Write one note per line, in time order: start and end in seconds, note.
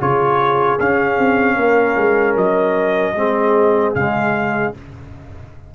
0.00 0.80 C#3
0.00 0.79 F4
0.00 1.56 G#4
0.00 0.79 C#5
0.80 1.17 C#4
0.80 3.16 C#4
0.80 2.37 F5
1.17 1.56 C4
1.56 1.96 A#3
1.56 3.14 A#4
1.97 2.36 G#3
2.36 3.15 F#3
2.36 3.95 D#5
3.15 3.94 G#3
3.15 3.95 C4
3.15 4.73 G#4
3.95 4.74 C#3
3.95 4.75 G#3
3.95 4.74 F5